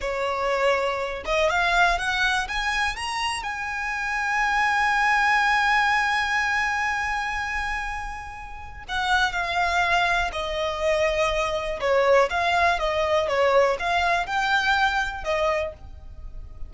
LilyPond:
\new Staff \with { instrumentName = "violin" } { \time 4/4 \tempo 4 = 122 cis''2~ cis''8 dis''8 f''4 | fis''4 gis''4 ais''4 gis''4~ | gis''1~ | gis''1~ |
gis''2 fis''4 f''4~ | f''4 dis''2. | cis''4 f''4 dis''4 cis''4 | f''4 g''2 dis''4 | }